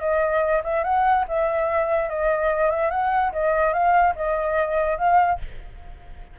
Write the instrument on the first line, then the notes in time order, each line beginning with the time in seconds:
flute
0.00 D#5
0.64 E5
0.84 F#5
1.28 E5
2.09 D#5
2.70 E5
2.91 F#5
3.33 D#5
3.73 F5
4.16 D#5
4.98 F5